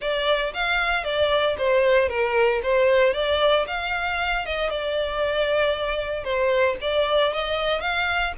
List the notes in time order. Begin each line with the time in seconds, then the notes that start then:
0.01 D5
0.53 F5
1.04 D5
1.57 C5
2.08 A#4
2.62 C5
3.13 D5
3.67 F5
4.45 D#5
4.70 D5
6.23 C5
6.81 D5
7.33 D#5
7.80 F5